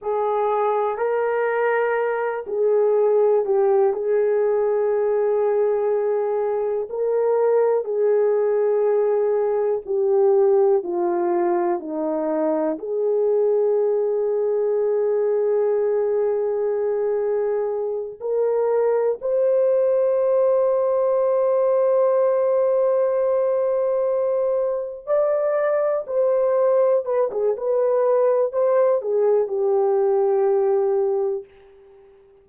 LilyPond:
\new Staff \with { instrumentName = "horn" } { \time 4/4 \tempo 4 = 61 gis'4 ais'4. gis'4 g'8 | gis'2. ais'4 | gis'2 g'4 f'4 | dis'4 gis'2.~ |
gis'2~ gis'8 ais'4 c''8~ | c''1~ | c''4. d''4 c''4 b'16 gis'16 | b'4 c''8 gis'8 g'2 | }